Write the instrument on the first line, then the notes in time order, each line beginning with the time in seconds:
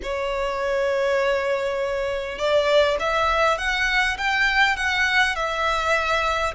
violin
0.02 C#5
2.38 D5
2.99 E5
3.58 F#5
4.17 G5
4.76 F#5
5.35 E5